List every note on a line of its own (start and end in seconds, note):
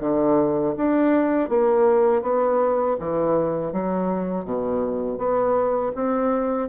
0.00 0.74 D3
0.76 1.49 D4
1.49 2.22 A#3
2.22 2.96 B3
2.99 3.72 E3
3.72 4.45 F#3
4.45 5.18 B2
5.18 5.92 B3
5.95 6.68 C4